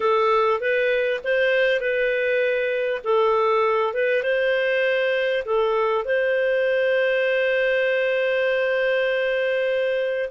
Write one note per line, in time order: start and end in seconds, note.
0.00 0.60 A4
0.60 1.20 B4
1.24 1.80 C5
1.80 3.01 B4
3.04 3.93 A4
3.93 4.22 B4
4.22 5.44 C5
5.45 6.04 A4
6.04 10.29 C5